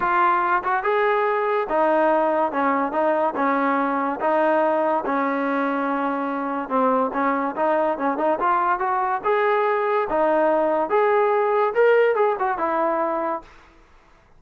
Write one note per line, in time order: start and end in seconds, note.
0.00 0.62 F4
0.63 0.83 F#4
0.83 1.67 G#4
1.69 2.52 D#4
2.52 2.92 C#4
2.92 3.34 D#4
3.35 4.19 C#4
4.20 5.04 D#4
5.05 6.68 C#4
6.68 7.10 C4
7.13 7.55 C#4
7.56 7.98 D#4
7.98 8.17 C#4
8.17 8.38 D#4
8.39 8.79 F4
8.79 9.21 F#4
9.24 10.08 G#4
10.09 10.89 D#4
10.89 11.73 G#4
11.74 12.15 A#4
12.15 12.36 G#4
12.39 12.58 F#4
12.58 13.42 E4